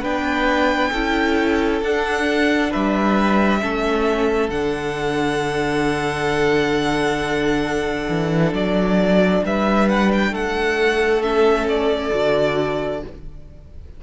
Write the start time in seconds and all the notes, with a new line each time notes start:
0.00 B3 D4 B4 G5
0.91 C#4 E4 A4
1.81 D4 F#5
2.71 G3 B4 E5
3.60 A3 C#4 A4
4.49 D3 D4 F#5
8.08 E3
8.52 F#3 D5
9.43 G3 B4 E5
9.88 F#5
10.12 G5
10.30 A3 A4 F#5
11.21 C#4 E5
11.68 D5
12.11 D3 F#4